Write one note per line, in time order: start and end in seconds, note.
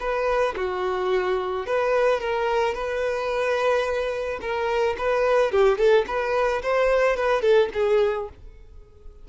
0.00 0.55 B4
0.56 1.66 F#4
1.66 2.20 B4
2.20 2.74 A#4
2.74 4.40 B4
4.41 4.96 A#4
4.98 5.51 B4
5.51 5.78 G4
5.78 6.06 A4
6.07 6.62 B4
6.63 7.17 C5
7.17 7.42 B4
7.42 7.69 A4
7.74 8.29 G#4